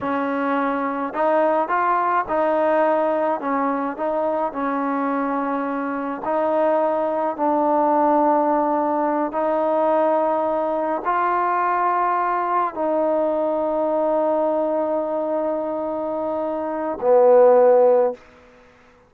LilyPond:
\new Staff \with { instrumentName = "trombone" } { \time 4/4 \tempo 4 = 106 cis'2 dis'4 f'4 | dis'2 cis'4 dis'4 | cis'2. dis'4~ | dis'4 d'2.~ |
d'8 dis'2. f'8~ | f'2~ f'8 dis'4.~ | dis'1~ | dis'2 b2 | }